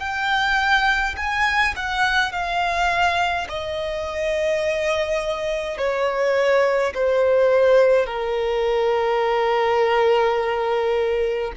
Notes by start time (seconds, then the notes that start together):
0.00 G5
1.17 G#5
1.76 F#5
2.32 F5
3.49 D#5
5.78 C#5
6.94 C5
8.06 A#4